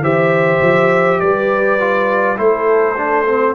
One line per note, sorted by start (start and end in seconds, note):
0.00 0.59 E3
0.00 1.79 G4
0.00 1.21 C5
0.00 1.20 E5
0.62 1.21 F3
1.20 2.38 G3
1.20 2.39 B4
1.20 2.37 D5
1.79 2.37 F4
2.37 3.55 A3
2.37 2.95 E4
2.37 3.55 A4
2.37 3.55 C5
2.96 3.26 D4
3.26 3.55 C4